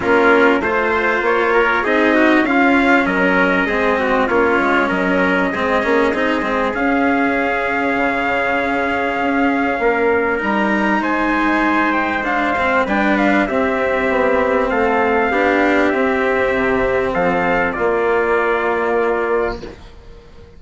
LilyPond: <<
  \new Staff \with { instrumentName = "trumpet" } { \time 4/4 \tempo 4 = 98 ais'4 c''4 cis''4 dis''4 | f''4 dis''2 cis''4 | dis''2. f''4~ | f''1~ |
f''4 ais''4 gis''4. g''8 | f''4 g''8 f''8 e''2 | f''2 e''2 | f''4 d''2. | }
  \new Staff \with { instrumentName = "trumpet" } { \time 4/4 f'4 c''4. ais'8 gis'8 fis'8 | f'4 ais'4 gis'8 fis'8 f'4 | ais'4 gis'2.~ | gis'1 |
ais'2 c''2~ | c''4 b'4 g'2 | a'4 g'2. | a'4 f'2. | }
  \new Staff \with { instrumentName = "cello" } { \time 4/4 cis'4 f'2 dis'4 | cis'2 c'4 cis'4~ | cis'4 c'8 cis'8 dis'8 c'8 cis'4~ | cis'1~ |
cis'4 dis'2. | d'8 c'8 d'4 c'2~ | c'4 d'4 c'2~ | c'4 ais2. | }
  \new Staff \with { instrumentName = "bassoon" } { \time 4/4 ais4 a4 ais4 c'4 | cis'4 fis4 gis4 ais8 gis8 | fis4 gis8 ais8 c'8 gis8 cis'4~ | cis'4 cis2 cis'4 |
ais4 g4 gis2~ | gis4 g4 c'4 b4 | a4 b4 c'4 c4 | f4 ais2. | }
>>